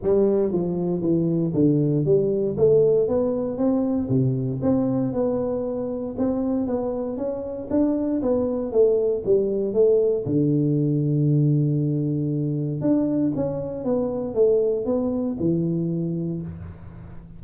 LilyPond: \new Staff \with { instrumentName = "tuba" } { \time 4/4 \tempo 4 = 117 g4 f4 e4 d4 | g4 a4 b4 c'4 | c4 c'4 b2 | c'4 b4 cis'4 d'4 |
b4 a4 g4 a4 | d1~ | d4 d'4 cis'4 b4 | a4 b4 e2 | }